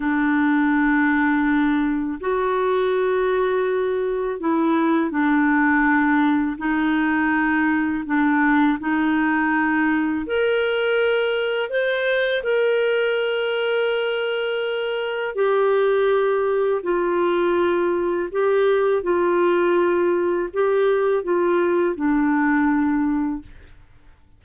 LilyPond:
\new Staff \with { instrumentName = "clarinet" } { \time 4/4 \tempo 4 = 82 d'2. fis'4~ | fis'2 e'4 d'4~ | d'4 dis'2 d'4 | dis'2 ais'2 |
c''4 ais'2.~ | ais'4 g'2 f'4~ | f'4 g'4 f'2 | g'4 f'4 d'2 | }